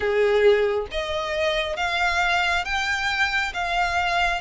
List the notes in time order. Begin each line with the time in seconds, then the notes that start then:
0.00 G#4
0.91 D#5
1.76 F5
2.64 G5
3.53 F5